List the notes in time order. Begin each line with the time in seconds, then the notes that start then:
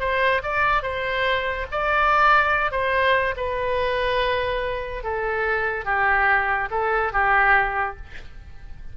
0.00 C5
0.43 D5
0.83 C5
1.72 D5
2.72 C5
3.37 B4
5.04 A4
5.85 G4
6.71 A4
7.13 G4